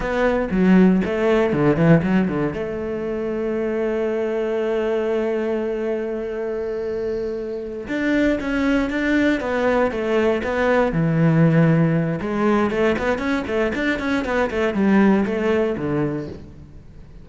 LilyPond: \new Staff \with { instrumentName = "cello" } { \time 4/4 \tempo 4 = 118 b4 fis4 a4 d8 e8 | fis8 d8 a2.~ | a1~ | a2.~ a8 d'8~ |
d'8 cis'4 d'4 b4 a8~ | a8 b4 e2~ e8 | gis4 a8 b8 cis'8 a8 d'8 cis'8 | b8 a8 g4 a4 d4 | }